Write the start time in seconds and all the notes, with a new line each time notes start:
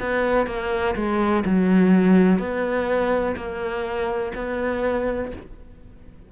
0.00 B3
0.47 A#3
0.95 G#3
1.45 F#3
2.38 B3
3.36 A#3
4.35 B3